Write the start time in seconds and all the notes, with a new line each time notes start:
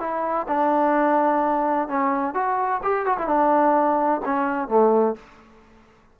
0.00 E4
0.48 D4
1.88 C#4
2.34 F#4
2.83 G4
3.06 F#4
3.18 E4
3.27 D4
4.25 C#4
4.69 A3